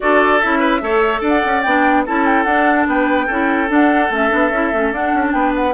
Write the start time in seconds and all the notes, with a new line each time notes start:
0.00 D4 F#4 A4 D5
0.40 C#4 E4 E5
0.59 B4
0.80 A3 A4 C#5
1.20 D4 D5
1.28 F#5
1.45 C#4
1.62 B3 D4 G5
2.06 C#4 E4 A4 A5
2.25 G5
2.43 D4 F#5
2.86 B3 B4 G5
3.26 C#4 E4 A4
3.68 D4 F#5
4.10 A3 C#4 E5
4.29 B3 D4
4.51 C#4 E4
4.72 A3 C#4
4.92 D4 F#5
5.14 C#4
5.27 B3 G5 A5
5.33 B4
5.55 F#5